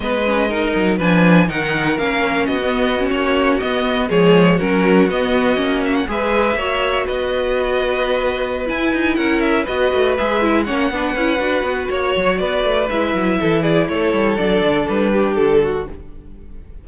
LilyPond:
<<
  \new Staff \with { instrumentName = "violin" } { \time 4/4 \tempo 4 = 121 dis''2 gis''4 fis''4 | f''4 dis''4~ dis''16 cis''4 dis''8.~ | dis''16 cis''4 ais'4 dis''4. e''16 | fis''16 e''2 dis''4.~ dis''16~ |
dis''4. gis''4 fis''8 e''8 dis''8~ | dis''8 e''4 fis''2~ fis''8 | cis''4 d''4 e''4. d''8 | cis''4 d''4 b'4 a'4 | }
  \new Staff \with { instrumentName = "violin" } { \time 4/4 b'4 ais'4 b'4 ais'4~ | ais'4 fis'2.~ | fis'16 gis'4 fis'2~ fis'8.~ | fis'16 b'4 cis''4 b'4.~ b'16~ |
b'2~ b'8 ais'4 b'8~ | b'4. cis''8 b'2 | cis''4 b'2 a'8 gis'8 | a'2~ a'8 g'4 fis'8 | }
  \new Staff \with { instrumentName = "viola" } { \time 4/4 b8 cis'8 dis'4 d'4 dis'4 | cis'4~ cis'16 b8. cis'4~ cis'16 b8.~ | b16 gis4 cis'4 b4 cis'8.~ | cis'16 gis'4 fis'2~ fis'8.~ |
fis'4. e'2 fis'8~ | fis'8 gis'8 e'8 cis'8 d'8 e'8 fis'4~ | fis'2 e'2~ | e'4 d'2. | }
  \new Staff \with { instrumentName = "cello" } { \time 4/4 gis4. fis8 f4 dis4 | ais4 b4~ b16 ais4 b8.~ | b16 f4 fis4 b4 ais8.~ | ais16 gis4 ais4 b4.~ b16~ |
b4. e'8 dis'8 cis'4 b8 | a8 gis4 ais8 b8 cis'8 d'8 b8 | ais8 fis8 b8 a8 gis8 fis8 e4 | a8 g8 fis8 d8 g4 d4 | }
>>